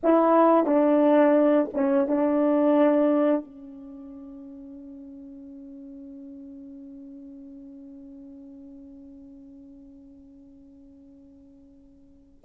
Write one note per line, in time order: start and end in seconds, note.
0.03 0.66 E4
0.66 1.69 D4
1.73 2.07 C#4
2.07 3.44 D4
3.44 12.40 C#4